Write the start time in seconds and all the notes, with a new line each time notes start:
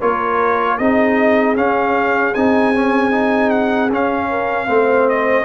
0.00 A#3 F4 A#4 C#5
0.78 C4 D#4 G#4 D#5
1.56 C#4 F5
2.34 C4 D#4 G#5
2.75 C#4
3.12 D#4
3.51 F#5
3.91 C#4 F5
4.30 A#4
4.67 A3 C4 C5
5.09 D#5